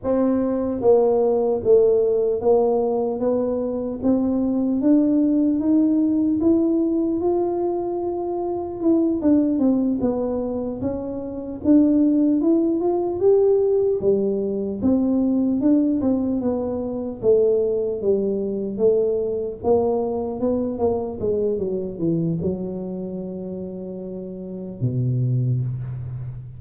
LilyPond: \new Staff \with { instrumentName = "tuba" } { \time 4/4 \tempo 4 = 75 c'4 ais4 a4 ais4 | b4 c'4 d'4 dis'4 | e'4 f'2 e'8 d'8 | c'8 b4 cis'4 d'4 e'8 |
f'8 g'4 g4 c'4 d'8 | c'8 b4 a4 g4 a8~ | a8 ais4 b8 ais8 gis8 fis8 e8 | fis2. b,4 | }